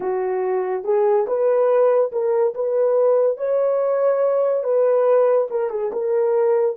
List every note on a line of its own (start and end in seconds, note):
0.00 0.83 F#4
0.83 1.26 G#4
1.26 2.11 B4
2.11 2.54 A#4
2.54 3.36 B4
3.36 4.63 C#5
4.63 5.48 B4
5.50 5.70 A#4
5.70 5.91 G#4
5.92 6.76 A#4